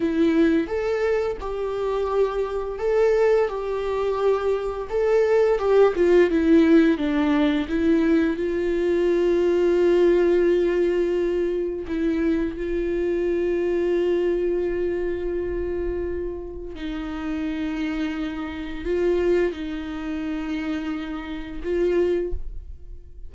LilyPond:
\new Staff \with { instrumentName = "viola" } { \time 4/4 \tempo 4 = 86 e'4 a'4 g'2 | a'4 g'2 a'4 | g'8 f'8 e'4 d'4 e'4 | f'1~ |
f'4 e'4 f'2~ | f'1 | dis'2. f'4 | dis'2. f'4 | }